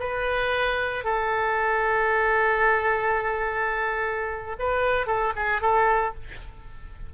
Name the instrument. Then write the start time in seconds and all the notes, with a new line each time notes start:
oboe
0.00 B4
1.04 A4
4.59 B4
5.07 A4
5.36 G#4
5.62 A4